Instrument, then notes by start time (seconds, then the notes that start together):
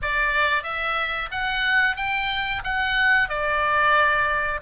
oboe
0.02 D5
0.63 E5
1.31 F#5
1.96 G5
2.64 F#5
3.28 D5